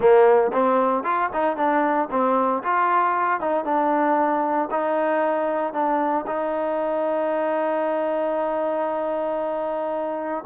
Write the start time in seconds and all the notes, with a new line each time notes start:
0.00 A#3
0.52 C4
1.03 F4
1.33 D#4
1.57 D4
2.10 C4
2.63 F4
3.40 D#4
3.64 D4
4.71 D#4
5.73 D4
6.27 D#4